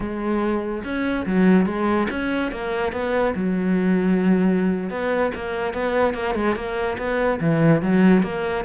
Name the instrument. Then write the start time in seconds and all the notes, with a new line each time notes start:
cello
0.00 G#3
0.84 C#4
1.26 F#3
1.66 G#3
2.09 C#4
2.51 A#3
2.92 B3
3.35 F#3
4.90 B3
5.34 A#3
5.73 B3
6.14 A#3
6.34 G#3
6.55 A#3
6.98 B3
7.40 E3
7.81 F#3
8.23 A#3